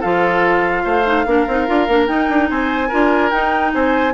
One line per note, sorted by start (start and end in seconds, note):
0.00 0.85 F3
0.00 1.04 F4
0.00 0.82 A4
0.00 2.07 F5
0.84 1.25 A3
0.84 1.25 C5
1.04 1.25 D#4
1.25 1.46 A#3
1.25 1.47 D4
1.25 2.50 A#4
1.47 1.68 C4
1.47 1.67 D#4
1.67 1.88 D4
1.67 1.87 F4
1.88 2.08 A#3
1.88 2.07 D4
2.07 2.89 D#4
2.07 2.29 D#4
2.07 2.48 G5
2.29 2.50 D4
2.49 2.91 C4
2.49 2.88 C5
2.49 3.30 G#5
2.88 3.32 D4
2.88 3.32 F4
2.88 3.71 A#4
3.30 3.73 D#4
3.30 4.14 D#4
3.30 3.71 G5
3.74 4.14 C4
3.74 4.14 C5
3.74 4.14 G#5